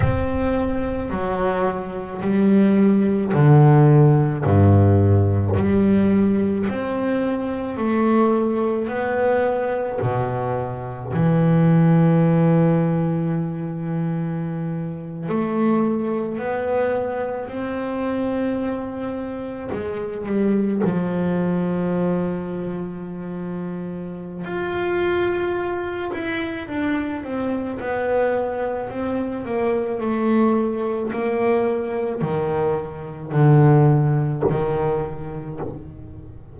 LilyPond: \new Staff \with { instrumentName = "double bass" } { \time 4/4 \tempo 4 = 54 c'4 fis4 g4 d4 | g,4 g4 c'4 a4 | b4 b,4 e2~ | e4.~ e16 a4 b4 c'16~ |
c'4.~ c'16 gis8 g8 f4~ f16~ | f2 f'4. e'8 | d'8 c'8 b4 c'8 ais8 a4 | ais4 dis4 d4 dis4 | }